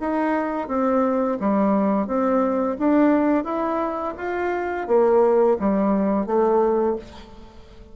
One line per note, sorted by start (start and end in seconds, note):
0.00 0.68 D#4
0.68 1.38 C4
1.40 2.07 G3
2.07 2.77 C4
2.78 3.44 D4
3.44 4.14 E4
4.17 4.87 F4
4.87 5.57 A#3
5.59 6.26 G3
6.26 6.96 A3